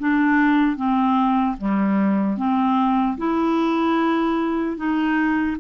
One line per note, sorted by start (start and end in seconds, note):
0.00 0.77 D4
0.77 1.57 C4
1.58 2.37 G3
2.37 3.17 C4
3.18 4.77 E4
4.77 5.57 D#4